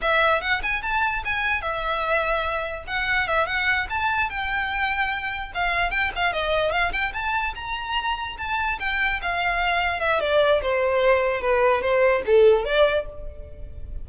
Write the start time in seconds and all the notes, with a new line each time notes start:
0.01 E5
0.41 F#5
0.63 G#5
0.82 A5
1.24 G#5
1.61 E5
2.87 F#5
3.27 E5
3.46 F#5
3.89 A5
4.29 G5
5.54 F5
5.91 G5
6.15 F5
6.32 D#5
6.71 F5
6.92 G5
7.13 A5
7.55 A#5
8.37 A5
8.79 G5
9.21 F5
10.00 E5
10.20 D5
10.61 C5
11.41 B4
11.81 C5
12.26 A4
12.64 D5